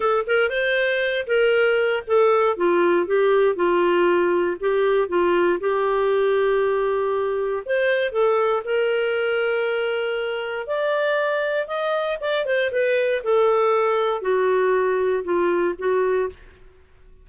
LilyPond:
\new Staff \with { instrumentName = "clarinet" } { \time 4/4 \tempo 4 = 118 a'8 ais'8 c''4. ais'4. | a'4 f'4 g'4 f'4~ | f'4 g'4 f'4 g'4~ | g'2. c''4 |
a'4 ais'2.~ | ais'4 d''2 dis''4 | d''8 c''8 b'4 a'2 | fis'2 f'4 fis'4 | }